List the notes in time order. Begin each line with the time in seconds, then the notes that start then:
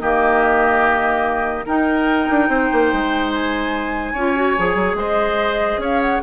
0.00 D#3 A#3 G4 D#5
1.66 D#4 A#4 G5
2.30 D4
2.49 C4 C5
2.72 A#3
2.93 G#3
3.34 G#5
4.13 C#4 F4 C#5
4.36 F#4
4.58 F3 G#4
4.75 F#3
4.95 G#3 C5 D#5
5.78 C#4 C#5 F5
6.01 F#5